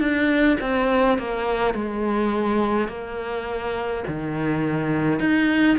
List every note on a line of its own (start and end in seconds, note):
0.00 0.58 D4
0.60 1.18 C4
1.19 1.75 A#3
1.75 2.88 G#3
2.88 4.04 A#3
4.08 5.20 D#3
5.20 5.77 D#4